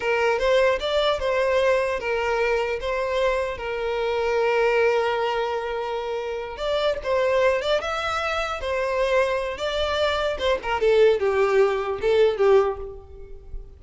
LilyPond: \new Staff \with { instrumentName = "violin" } { \time 4/4 \tempo 4 = 150 ais'4 c''4 d''4 c''4~ | c''4 ais'2 c''4~ | c''4 ais'2.~ | ais'1~ |
ais'8 d''4 c''4. d''8 e''8~ | e''4. c''2~ c''8 | d''2 c''8 ais'8 a'4 | g'2 a'4 g'4 | }